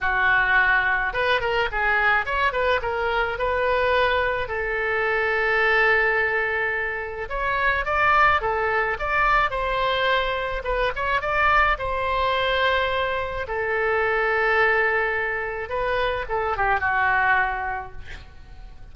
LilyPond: \new Staff \with { instrumentName = "oboe" } { \time 4/4 \tempo 4 = 107 fis'2 b'8 ais'8 gis'4 | cis''8 b'8 ais'4 b'2 | a'1~ | a'4 cis''4 d''4 a'4 |
d''4 c''2 b'8 cis''8 | d''4 c''2. | a'1 | b'4 a'8 g'8 fis'2 | }